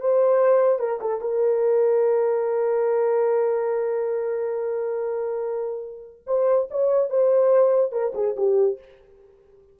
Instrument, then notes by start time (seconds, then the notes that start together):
horn
0.00 C5
0.79 A#4
1.01 A4
1.21 A#4
6.27 C5
6.70 C#5
7.10 C5
7.92 A#4
8.15 G#4
8.36 G4